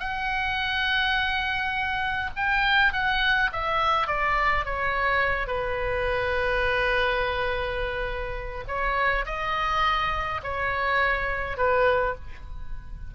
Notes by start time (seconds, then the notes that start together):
0.00 F#5
2.36 G5
2.93 F#5
3.53 E5
4.08 D5
4.65 C#5
5.47 B4
8.68 C#5
9.26 D#5
10.43 C#5
11.58 B4